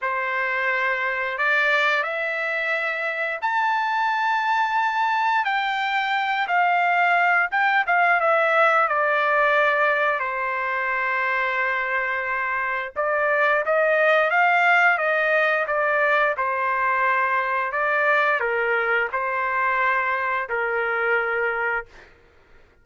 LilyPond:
\new Staff \with { instrumentName = "trumpet" } { \time 4/4 \tempo 4 = 88 c''2 d''4 e''4~ | e''4 a''2. | g''4. f''4. g''8 f''8 | e''4 d''2 c''4~ |
c''2. d''4 | dis''4 f''4 dis''4 d''4 | c''2 d''4 ais'4 | c''2 ais'2 | }